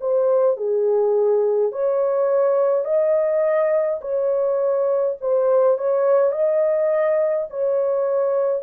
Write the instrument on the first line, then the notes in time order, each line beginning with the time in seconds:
horn
0.00 C5
0.57 G#4
1.72 C#5
2.84 D#5
4.01 C#5
5.21 C5
5.77 C#5
6.31 D#5
7.49 C#5